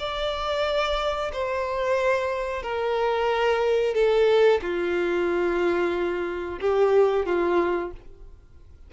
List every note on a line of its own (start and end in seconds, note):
0.00 1.32 D5
1.33 2.63 C5
2.63 3.95 A#4
3.95 4.61 A4
4.62 6.60 F4
6.61 7.26 G4
7.26 7.92 F4